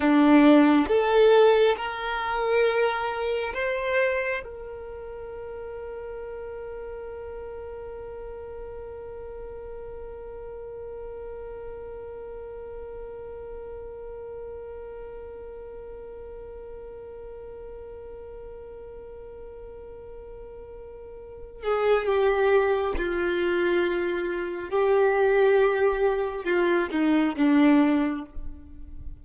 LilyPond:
\new Staff \with { instrumentName = "violin" } { \time 4/4 \tempo 4 = 68 d'4 a'4 ais'2 | c''4 ais'2.~ | ais'1~ | ais'1~ |
ais'1~ | ais'1~ | ais'8 gis'8 g'4 f'2 | g'2 f'8 dis'8 d'4 | }